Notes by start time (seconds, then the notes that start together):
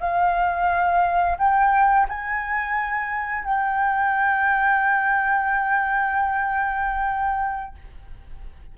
0.00 F5
1.38 G5
2.09 G#5
3.45 G5